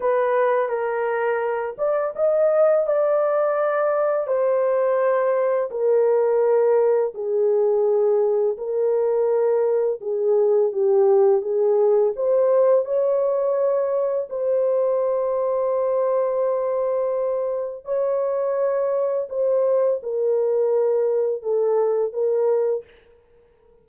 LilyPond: \new Staff \with { instrumentName = "horn" } { \time 4/4 \tempo 4 = 84 b'4 ais'4. d''8 dis''4 | d''2 c''2 | ais'2 gis'2 | ais'2 gis'4 g'4 |
gis'4 c''4 cis''2 | c''1~ | c''4 cis''2 c''4 | ais'2 a'4 ais'4 | }